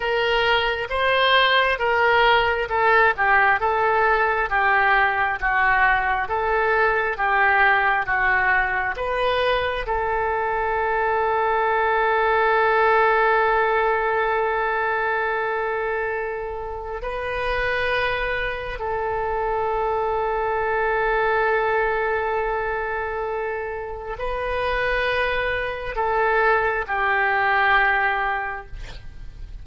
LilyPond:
\new Staff \with { instrumentName = "oboe" } { \time 4/4 \tempo 4 = 67 ais'4 c''4 ais'4 a'8 g'8 | a'4 g'4 fis'4 a'4 | g'4 fis'4 b'4 a'4~ | a'1~ |
a'2. b'4~ | b'4 a'2.~ | a'2. b'4~ | b'4 a'4 g'2 | }